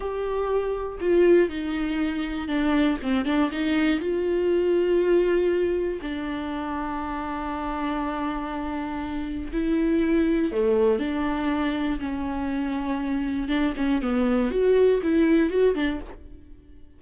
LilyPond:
\new Staff \with { instrumentName = "viola" } { \time 4/4 \tempo 4 = 120 g'2 f'4 dis'4~ | dis'4 d'4 c'8 d'8 dis'4 | f'1 | d'1~ |
d'2. e'4~ | e'4 a4 d'2 | cis'2. d'8 cis'8 | b4 fis'4 e'4 fis'8 d'8 | }